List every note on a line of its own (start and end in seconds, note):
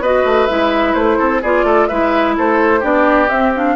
0.00 0.23 B3
0.00 0.49 F#4
0.00 1.18 B4
0.00 0.47 D#5
0.25 0.48 A3
0.47 0.95 G#3
0.47 1.42 E4
0.47 0.94 E5
0.94 1.18 A3
0.94 1.41 C5
1.18 1.43 C4
1.18 1.42 A4
1.42 1.64 B3
1.42 1.91 F4
1.42 1.66 G#4
1.42 1.88 D5
1.64 1.87 A3
1.64 1.88 A4
1.88 2.38 G#3
1.88 2.81 E4
1.88 2.35 B4
1.88 2.34 E5
2.38 2.83 A3
2.38 2.80 A4
2.38 2.84 C5
2.80 3.29 B3
2.80 3.28 D4
2.80 3.74 G4
2.80 3.29 D5
3.29 3.52 C4
3.29 3.76 C4
3.29 3.53 E5
3.56 3.76 D4
3.56 3.76 F5